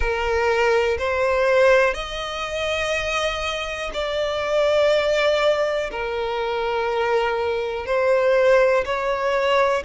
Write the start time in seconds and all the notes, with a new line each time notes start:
0.00 A#4
0.98 C5
1.94 D#5
3.93 D5
5.91 A#4
7.86 C5
8.85 C#5